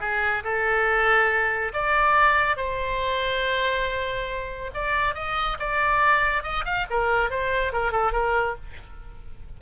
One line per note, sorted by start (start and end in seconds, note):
0.00 0.43 G#4
0.43 1.72 A4
1.73 2.56 D5
2.56 4.71 C5
4.74 5.14 D5
5.14 5.57 D#5
5.59 6.43 D5
6.43 6.64 D#5
6.65 6.86 F5
6.90 7.30 A#4
7.30 7.72 C5
7.72 7.91 A#4
7.91 8.12 A4
8.12 8.55 A#4